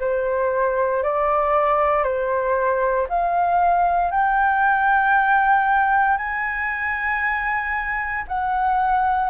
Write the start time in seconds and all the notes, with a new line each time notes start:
0.00 C5
1.03 D5
2.04 C5
3.09 F5
4.11 G5
6.18 G#5
8.28 F#5